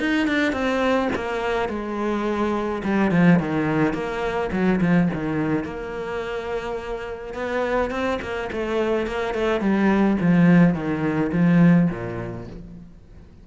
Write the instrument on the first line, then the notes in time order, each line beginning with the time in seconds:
cello
0.00 D#4
0.28 D4
0.52 C4
1.16 A#3
1.69 G#3
2.84 G3
3.11 F3
3.39 D#3
3.93 A#3
4.52 F#3
4.81 F3
5.14 D#3
5.64 A#3
7.34 B3
7.91 C4
8.22 A#3
8.52 A3
9.07 A#3
9.34 A3
9.60 G3
10.20 F3
10.74 D#3
11.32 F3
11.90 A#2